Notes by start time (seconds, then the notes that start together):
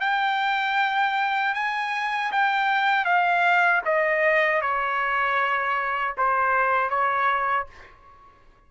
0.00 G5
1.54 G#5
2.32 G5
3.05 F5
3.85 D#5
4.61 C#5
6.17 C5
6.90 C#5